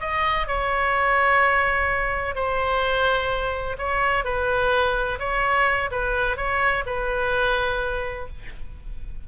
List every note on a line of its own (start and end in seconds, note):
0.00 0.47 D#5
0.47 2.35 C#5
2.35 3.77 C5
3.78 4.24 C#5
4.24 5.19 B4
5.19 5.90 C#5
5.91 6.37 B4
6.37 6.84 C#5
6.86 8.28 B4